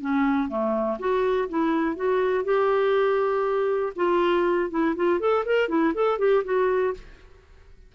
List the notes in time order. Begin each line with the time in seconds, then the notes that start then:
0.00 C#4
0.48 A3
0.99 F#4
1.49 E4
1.95 F#4
2.44 G4
3.95 F4
4.70 E4
4.95 F4
5.19 A4
5.45 A#4
5.68 E4
5.94 A4
6.18 G4
6.44 F#4